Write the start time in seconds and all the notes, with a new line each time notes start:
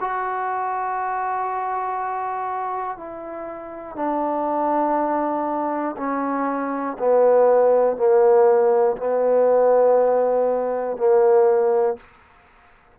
0.00 F#4
2.97 E4
3.96 D4
5.97 C#4
6.99 B3
7.96 A#3
8.97 B3
10.97 A#3